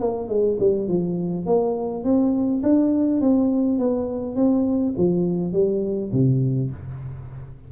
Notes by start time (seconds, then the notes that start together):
0.00 A#3
0.28 G#3
0.60 G3
0.88 F3
1.46 A#3
2.04 C4
2.63 D4
3.21 C4
3.79 B3
4.36 C4
4.97 F3
5.53 G3
6.12 C3